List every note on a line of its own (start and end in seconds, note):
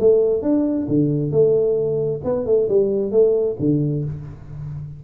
0.00 0.42 A3
0.42 0.87 D4
0.88 1.31 D3
1.31 2.21 A3
2.24 2.46 B3
2.46 2.68 A3
2.69 3.12 G3
3.12 3.56 A3
3.60 4.04 D3